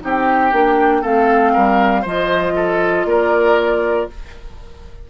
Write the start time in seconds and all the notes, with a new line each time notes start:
0.00 C4 D#4 G4 G5
0.51 A#3 D4
1.01 A3 C4 A4 F5
1.53 G3 A#4
2.01 F3 F4 C5 D#5
2.55 A4
3.04 A#3 A#4 D5